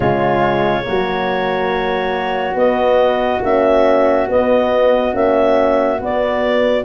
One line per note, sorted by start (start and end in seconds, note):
0.00 0.85 C#3
0.00 0.83 G#3
0.00 0.83 F4
0.00 2.56 C#5
0.83 2.54 F#3
0.83 2.55 A#3
0.83 6.84 F#4
2.54 3.39 B3
2.54 3.42 B3
2.54 3.42 D#5
3.41 4.27 A#3
3.41 4.27 C#4
3.41 4.29 E5
4.27 5.12 B3
4.27 5.14 B3
4.27 5.15 D#5
5.12 5.99 A#3
5.12 5.97 C#4
5.12 6.00 E5
6.00 6.84 B3
6.00 6.84 D5